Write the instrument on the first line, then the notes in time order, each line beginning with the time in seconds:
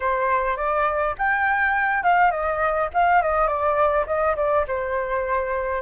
flute
0.00 C5
0.56 D5
1.18 G5
2.03 F5
2.31 D#5
2.93 F5
3.22 D#5
3.47 D5
4.06 D#5
4.36 D5
4.67 C5